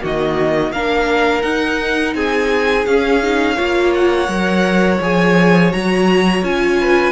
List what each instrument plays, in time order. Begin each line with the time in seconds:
0.00 cello D#3, viola A#3, violin F#4 D#5
0.72 cello A#3, viola D4, violin A#4 F5
1.43 viola D#4, cello D#4, violin F#5
2.15 cello C4, violin G#4 G#5
2.86 cello C#4, viola C#4, violin F5
3.23 viola D#4
3.56 cello A#3, viola F4, violin C#5
3.94 violin F#5
4.28 cello F#3, viola A#4
5.01 cello F3, viola G#4, violin G#5
5.71 cello F#3, viola F#4, violin A#5
6.43 cello C#4, viola F4, violin G#5
6.81 violin B4